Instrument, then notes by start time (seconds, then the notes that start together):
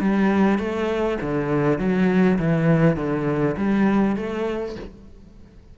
cello
0.00 G3
0.58 A3
1.21 D3
1.78 F#3
2.39 E3
2.96 D3
3.57 G3
4.16 A3